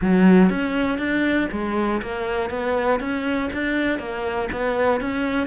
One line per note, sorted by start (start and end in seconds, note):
0.01 0.49 F#3
0.49 0.98 C#4
0.98 1.48 D4
1.51 2.01 G#3
2.02 2.50 A#3
2.50 3.00 B3
3.00 3.50 C#4
3.52 3.99 D4
3.99 4.49 A#3
4.52 5.00 B3
5.00 5.47 C#4